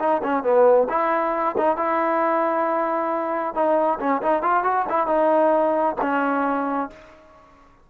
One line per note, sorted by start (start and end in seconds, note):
0.00 0.22 D#4
0.23 0.44 C#4
0.44 0.88 B3
0.89 1.56 E4
1.58 1.77 D#4
1.77 3.55 E4
3.55 3.99 D#4
4.00 4.22 C#4
4.23 4.43 D#4
4.43 4.64 F4
4.64 4.86 F#4
4.90 5.07 E4
5.07 5.96 D#4
6.02 6.91 C#4